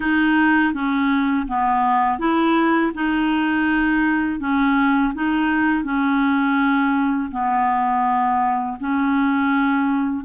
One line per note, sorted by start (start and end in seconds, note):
0.00 0.73 D#4
0.73 1.46 C#4
1.47 2.19 B3
2.19 2.92 E4
2.94 4.40 D#4
4.40 5.13 C#4
5.14 5.84 D#4
5.84 7.30 C#4
7.31 8.77 B3
8.80 10.24 C#4